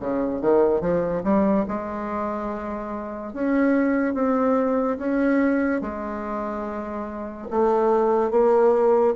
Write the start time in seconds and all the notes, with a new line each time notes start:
0.00 C#3
0.41 D#3
0.80 F3
1.23 G3
1.68 G#3
3.33 C#4
4.14 C4
4.98 C#4
5.81 G#3
7.50 A3
8.31 A#3